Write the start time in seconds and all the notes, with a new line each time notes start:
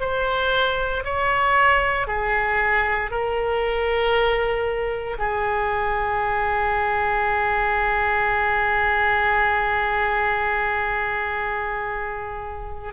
0.00 C5
1.04 C#5
2.07 G#4
3.10 A#4
5.18 G#4